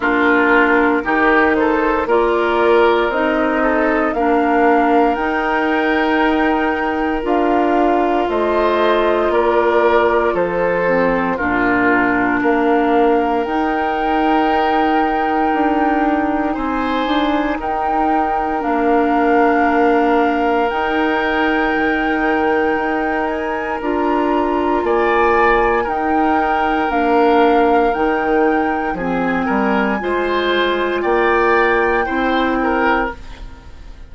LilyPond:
<<
  \new Staff \with { instrumentName = "flute" } { \time 4/4 \tempo 4 = 58 ais'4. c''8 d''4 dis''4 | f''4 g''2 f''4 | dis''4 d''4 c''4 ais'4 | f''4 g''2. |
gis''4 g''4 f''2 | g''2~ g''8 gis''8 ais''4 | gis''4 g''4 f''4 g''4 | gis''2 g''2 | }
  \new Staff \with { instrumentName = "oboe" } { \time 4/4 f'4 g'8 a'8 ais'4. a'8 | ais'1 | c''4 ais'4 a'4 f'4 | ais'1 |
c''4 ais'2.~ | ais'1 | d''4 ais'2. | gis'8 ais'8 c''4 d''4 c''8 ais'8 | }
  \new Staff \with { instrumentName = "clarinet" } { \time 4/4 d'4 dis'4 f'4 dis'4 | d'4 dis'2 f'4~ | f'2~ f'8 c'8 d'4~ | d'4 dis'2.~ |
dis'2 d'2 | dis'2. f'4~ | f'4 dis'4 d'4 dis'4 | c'4 f'2 e'4 | }
  \new Staff \with { instrumentName = "bassoon" } { \time 4/4 ais4 dis4 ais4 c'4 | ais4 dis'2 d'4 | a4 ais4 f4 ais,4 | ais4 dis'2 d'4 |
c'8 d'8 dis'4 ais2 | dis'4 dis4 dis'4 d'4 | ais4 dis'4 ais4 dis4 | f8 g8 gis4 ais4 c'4 | }
>>